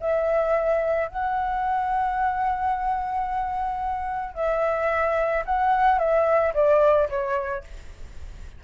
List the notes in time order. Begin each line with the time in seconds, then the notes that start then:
0.00 E5
1.08 F#5
4.34 E5
5.45 F#5
5.98 E5
6.54 D5
7.09 C#5